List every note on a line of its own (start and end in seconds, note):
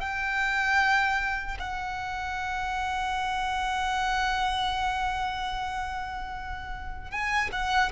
0.00 1.58 G5
1.59 7.11 F#5
7.11 7.50 G#5
7.52 7.92 F#5